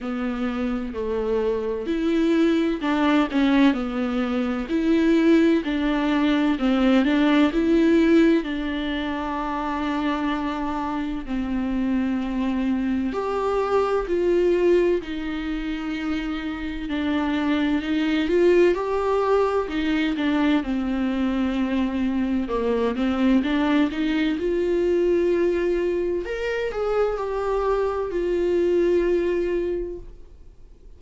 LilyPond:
\new Staff \with { instrumentName = "viola" } { \time 4/4 \tempo 4 = 64 b4 a4 e'4 d'8 cis'8 | b4 e'4 d'4 c'8 d'8 | e'4 d'2. | c'2 g'4 f'4 |
dis'2 d'4 dis'8 f'8 | g'4 dis'8 d'8 c'2 | ais8 c'8 d'8 dis'8 f'2 | ais'8 gis'8 g'4 f'2 | }